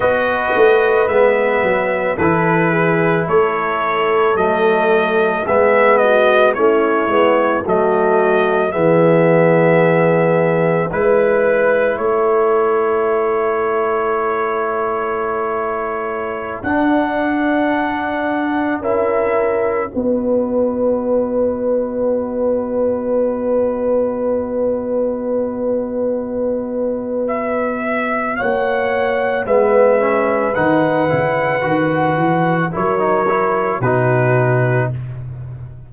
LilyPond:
<<
  \new Staff \with { instrumentName = "trumpet" } { \time 4/4 \tempo 4 = 55 dis''4 e''4 b'4 cis''4 | dis''4 e''8 dis''8 cis''4 dis''4 | e''2 b'4 cis''4~ | cis''2.~ cis''16 fis''8.~ |
fis''4~ fis''16 e''4 dis''4.~ dis''16~ | dis''1~ | dis''4 e''4 fis''4 e''4 | fis''2 cis''4 b'4 | }
  \new Staff \with { instrumentName = "horn" } { \time 4/4 b'2 a'8 gis'8 a'4~ | a'4 gis'8 fis'8 e'4 fis'4 | gis'2 b'4 a'4~ | a'1~ |
a'4~ a'16 ais'4 b'4.~ b'16~ | b'1~ | b'2 cis''4 b'4~ | b'2 ais'4 fis'4 | }
  \new Staff \with { instrumentName = "trombone" } { \time 4/4 fis'4 b4 e'2 | a4 b4 cis'8 b8 a4 | b2 e'2~ | e'2.~ e'16 d'8.~ |
d'4~ d'16 e'4 fis'4.~ fis'16~ | fis'1~ | fis'2. b8 cis'8 | dis'8 e'8 fis'4 e'16 dis'16 e'8 dis'4 | }
  \new Staff \with { instrumentName = "tuba" } { \time 4/4 b8 a8 gis8 fis8 e4 a4 | fis4 gis4 a8 gis8 fis4 | e2 gis4 a4~ | a2.~ a16 d'8.~ |
d'4~ d'16 cis'4 b4.~ b16~ | b1~ | b2 ais4 gis4 | dis8 cis8 dis8 e8 fis4 b,4 | }
>>